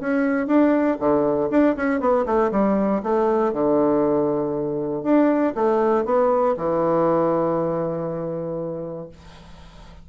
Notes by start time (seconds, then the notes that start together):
0.00 C#4
0.47 D4
0.99 D3
1.50 D4
1.76 C#4
2.00 B3
2.25 A3
2.51 G3
3.03 A3
3.53 D3
5.03 D4
5.55 A3
6.05 B3
6.56 E3